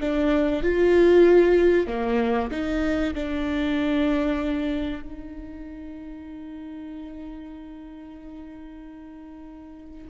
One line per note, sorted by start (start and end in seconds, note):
0.00 0.63 D4
0.63 1.87 F4
1.87 2.50 A#3
2.50 3.13 D#4
3.14 5.02 D4
5.02 10.07 D#4